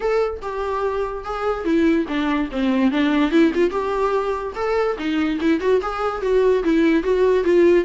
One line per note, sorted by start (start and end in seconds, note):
0.00 0.40 A4
0.42 1.24 G4
1.24 1.64 G#4
1.64 2.05 E4
2.07 2.49 D4
2.51 2.91 C4
2.91 3.31 D4
3.31 3.52 E4
3.54 3.70 F4
3.70 4.53 G4
4.55 4.96 A4
4.97 5.39 D#4
5.40 5.60 E4
5.60 5.80 F#4
5.81 6.21 G#4
6.21 6.63 F#4
6.63 7.03 E4
7.03 7.44 F#4
7.44 7.84 F4